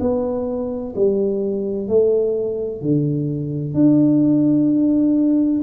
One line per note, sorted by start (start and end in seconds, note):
0.00 0.94 B3
0.95 1.88 G3
1.88 2.82 A3
2.82 3.74 D3
3.74 5.62 D4